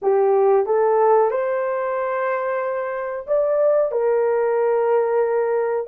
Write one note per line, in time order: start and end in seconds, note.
0.02 0.66 G4
0.66 1.30 A4
1.30 3.26 C5
3.26 3.91 D5
3.91 5.87 A#4